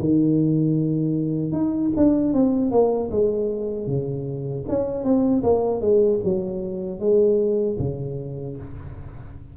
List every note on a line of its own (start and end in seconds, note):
0.00 1.53 D#3
1.53 1.92 D#4
1.97 2.34 D4
2.34 2.72 C4
2.72 3.11 A#3
3.11 3.87 G#3
3.87 4.65 C#3
4.69 5.04 C#4
5.04 5.43 C4
5.44 5.81 A#3
5.81 6.20 G#3
6.25 7.00 F#3
7.00 7.78 G#3
7.80 8.57 C#3